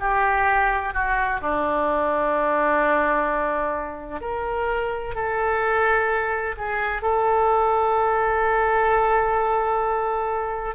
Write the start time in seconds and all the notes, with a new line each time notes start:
0.00 G4
0.94 F#4
1.41 D4
4.21 A#4
5.15 A4
6.58 G#4
7.02 A4